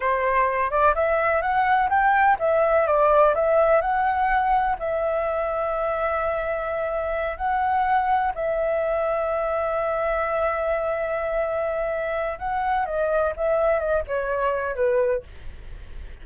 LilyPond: \new Staff \with { instrumentName = "flute" } { \time 4/4 \tempo 4 = 126 c''4. d''8 e''4 fis''4 | g''4 e''4 d''4 e''4 | fis''2 e''2~ | e''2.~ e''8 fis''8~ |
fis''4. e''2~ e''8~ | e''1~ | e''2 fis''4 dis''4 | e''4 dis''8 cis''4. b'4 | }